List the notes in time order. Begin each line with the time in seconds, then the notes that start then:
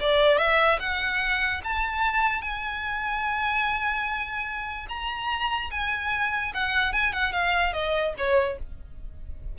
0.00 D5
0.38 E5
0.80 F#5
1.64 A5
2.42 G#5
4.89 A#5
5.71 G#5
6.54 F#5
6.93 G#5
7.13 F#5
7.32 F5
7.73 D#5
8.18 C#5